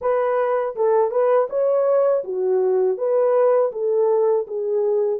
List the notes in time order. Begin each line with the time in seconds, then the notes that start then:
0.01 B4
0.75 A4
1.10 B4
1.49 C#5
2.24 F#4
2.97 B4
3.72 A4
4.47 G#4